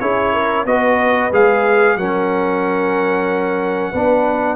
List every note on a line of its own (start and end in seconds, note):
0.00 0.66 C#4
0.00 0.66 E4
0.00 0.34 G#4
0.00 0.65 C#5
0.34 0.66 A#4
0.66 1.31 B3
0.66 1.32 F#4
0.66 1.99 B4
0.66 1.32 D#5
1.32 1.96 G#3
1.32 1.98 G#4
1.32 1.98 F5
1.96 3.92 F#3
1.96 3.94 C#4
1.96 3.92 A#4
1.96 4.57 F#5
3.92 4.57 B3
3.92 4.57 D4
3.92 4.57 B4